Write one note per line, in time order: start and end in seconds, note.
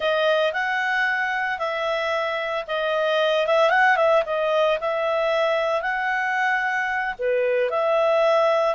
0.00 0.52 D#5
0.52 1.58 F#5
1.59 2.65 E5
2.67 3.46 D#5
3.47 3.70 E5
3.70 3.96 F#5
3.96 4.23 E5
4.25 4.78 D#5
4.80 5.81 E5
5.81 7.14 F#5
7.18 7.70 B4
7.70 8.75 E5